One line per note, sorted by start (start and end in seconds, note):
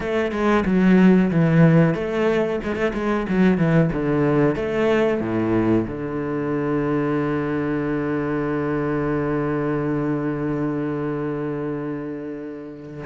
0.00 0.31 A3
0.31 0.64 G#3
0.65 1.30 F#3
1.30 1.94 E3
1.94 2.59 A3
2.63 2.75 G#3
2.75 2.92 A3
2.93 3.26 G#3
3.28 3.57 F#3
3.57 3.90 E3
3.92 4.55 D3
4.55 5.20 A3
5.20 5.85 A2
5.87 13.04 D3